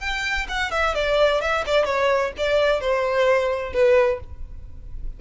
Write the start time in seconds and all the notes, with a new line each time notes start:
0.00 G5
0.49 F#5
0.71 E5
0.95 D5
1.41 E5
1.66 D5
1.85 C#5
2.38 D5
2.81 C5
3.73 B4